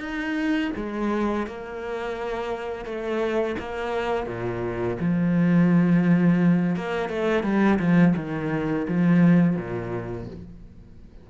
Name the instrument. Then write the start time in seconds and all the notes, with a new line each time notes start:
cello
0.00 D#4
0.76 G#3
1.47 A#3
2.85 A3
3.59 A#3
4.26 A#2
5.00 F3
6.76 A#3
7.09 A3
7.43 G3
7.79 F3
8.16 D#3
8.87 F3
9.56 A#2